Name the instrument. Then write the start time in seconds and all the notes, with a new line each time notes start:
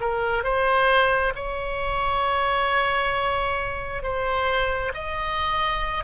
oboe
0.00 A#4
0.44 C5
1.35 C#5
4.03 C5
4.94 D#5